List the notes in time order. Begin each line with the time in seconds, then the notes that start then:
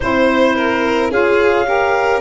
0.00 C4 E4 C5
0.55 A#4
1.10 C#4 F4 G#4 F5
1.64 G4 A#4